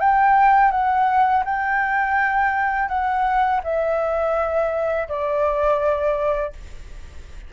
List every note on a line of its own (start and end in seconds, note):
0.00 0.72 G5
0.72 1.44 F#5
1.45 2.89 G5
2.89 3.61 F#5
3.64 5.08 E5
5.09 6.53 D5